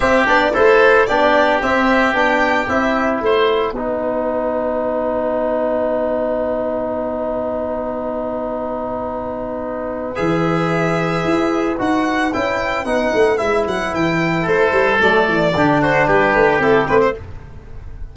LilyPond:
<<
  \new Staff \with { instrumentName = "violin" } { \time 4/4 \tempo 4 = 112 e''8 d''8 c''4 d''4 e''4 | g''4 e''4 fis''2~ | fis''1~ | fis''1~ |
fis''2. e''4~ | e''2 fis''4 g''4 | fis''4 e''8 fis''8 g''4 c''4 | d''4. c''8 b'4 a'8 b'16 c''16 | }
  \new Staff \with { instrumentName = "oboe" } { \time 4/4 g'4 a'4 g'2~ | g'2 c''4 b'4~ | b'1~ | b'1~ |
b'1~ | b'1~ | b'2. a'4~ | a'4 g'8 fis'8 g'2 | }
  \new Staff \with { instrumentName = "trombone" } { \time 4/4 c'8 d'8 e'4 d'4 c'4 | d'4 e'2 dis'4~ | dis'1~ | dis'1~ |
dis'2. gis'4~ | gis'2 fis'4 e'4 | dis'4 e'2. | a4 d'2 e'8 c'8 | }
  \new Staff \with { instrumentName = "tuba" } { \time 4/4 c'8 b8 a4 b4 c'4 | b4 c'4 a4 b4~ | b1~ | b1~ |
b2. e4~ | e4 e'4 dis'4 cis'4 | b8 a8 gis8 fis8 e4 a8 g8 | fis8 e8 d4 g8 a8 c'8 a8 | }
>>